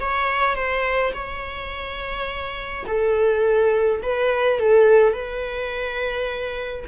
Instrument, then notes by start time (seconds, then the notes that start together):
viola
0.00 C#5
0.55 C5
1.13 C#5
2.87 A4
4.02 B4
4.59 A4
5.13 B4